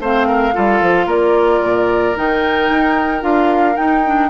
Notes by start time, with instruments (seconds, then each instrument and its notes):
0.00 bassoon A3, clarinet C4, oboe C5, flute F5
0.28 oboe A#4
0.54 bassoon G3, clarinet F4, oboe A4
0.81 bassoon F3
1.07 bassoon A#3, oboe A#4, flute D5
1.62 bassoon A#2
2.16 bassoon D#3, clarinet D#4, flute G5
2.70 bassoon D#4
3.21 bassoon D4, clarinet F4, flute F5
3.75 clarinet D#4, bassoon D#4, flute G5
4.06 clarinet D4